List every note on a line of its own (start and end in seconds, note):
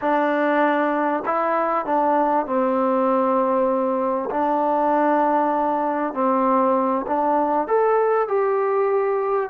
0.01 1.23 D4
1.26 1.85 E4
1.85 2.46 D4
2.46 4.29 C4
4.30 6.13 D4
6.13 7.05 C4
7.06 7.67 D4
7.67 8.28 A4
8.28 9.50 G4